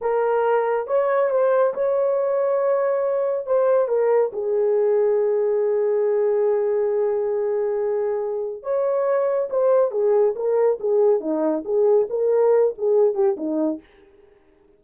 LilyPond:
\new Staff \with { instrumentName = "horn" } { \time 4/4 \tempo 4 = 139 ais'2 cis''4 c''4 | cis''1 | c''4 ais'4 gis'2~ | gis'1~ |
gis'1 | cis''2 c''4 gis'4 | ais'4 gis'4 dis'4 gis'4 | ais'4. gis'4 g'8 dis'4 | }